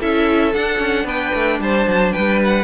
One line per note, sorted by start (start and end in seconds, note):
0.00 0.56 C#4
0.00 0.54 E4
0.00 1.06 A4
0.00 0.54 E5
0.54 2.64 D4
0.54 0.80 D4
0.54 1.07 F#5
0.80 1.05 C#4
1.05 1.32 B3
1.05 1.60 B4
1.05 1.61 G5
1.35 1.60 A3
1.60 1.87 G3
1.60 2.13 C5
1.60 2.13 A5
1.87 2.14 F#3
2.13 2.64 G3
2.13 2.64 B4
2.13 2.40 G5
2.45 2.64 F#5